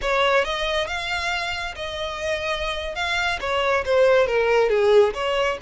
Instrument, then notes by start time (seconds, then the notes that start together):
violin
0.01 C#5
0.44 D#5
0.87 F5
1.75 D#5
2.95 F5
3.40 C#5
3.85 C5
4.26 A#4
4.69 G#4
5.14 C#5